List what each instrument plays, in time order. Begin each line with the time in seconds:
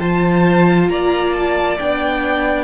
0.00 cello F3, viola F4, violin C5 A5
0.90 cello A#3, violin D5 A#5
1.33 violin A5
1.79 cello B3, viola D4, violin G5